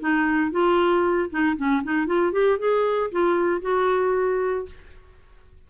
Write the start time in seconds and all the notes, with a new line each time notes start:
0.00 D#4
0.51 F4
1.30 D#4
1.57 C#4
1.84 D#4
2.07 F4
2.32 G4
2.59 G#4
3.12 F4
3.61 F#4